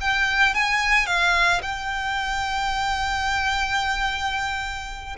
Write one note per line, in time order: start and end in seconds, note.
0.00 0.54 G5
0.54 1.06 G#5
1.06 1.61 F5
1.62 5.16 G5